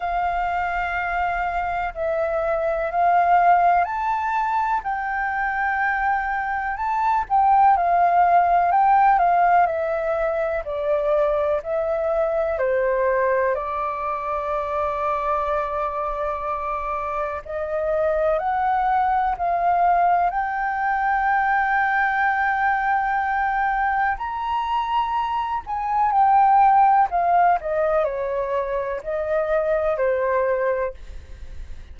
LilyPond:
\new Staff \with { instrumentName = "flute" } { \time 4/4 \tempo 4 = 62 f''2 e''4 f''4 | a''4 g''2 a''8 g''8 | f''4 g''8 f''8 e''4 d''4 | e''4 c''4 d''2~ |
d''2 dis''4 fis''4 | f''4 g''2.~ | g''4 ais''4. gis''8 g''4 | f''8 dis''8 cis''4 dis''4 c''4 | }